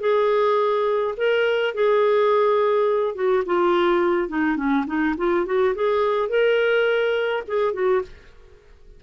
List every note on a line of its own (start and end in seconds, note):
0.00 1.14 G#4
1.17 1.74 A#4
1.74 3.15 G#4
3.15 3.43 F#4
3.45 4.28 F4
4.28 4.56 D#4
4.56 4.85 C#4
4.86 5.15 D#4
5.17 5.45 F4
5.45 5.74 F#4
5.75 6.29 G#4
6.29 7.43 A#4
7.47 7.73 G#4
7.73 8.02 F#4